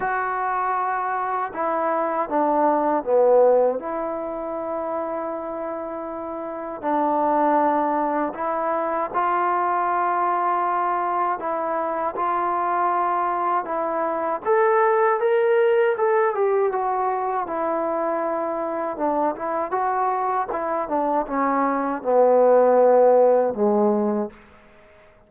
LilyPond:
\new Staff \with { instrumentName = "trombone" } { \time 4/4 \tempo 4 = 79 fis'2 e'4 d'4 | b4 e'2.~ | e'4 d'2 e'4 | f'2. e'4 |
f'2 e'4 a'4 | ais'4 a'8 g'8 fis'4 e'4~ | e'4 d'8 e'8 fis'4 e'8 d'8 | cis'4 b2 gis4 | }